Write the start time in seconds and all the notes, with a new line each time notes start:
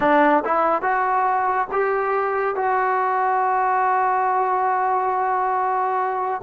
0.00 D4
0.44 E4
0.81 F#4
1.71 G4
2.55 F#4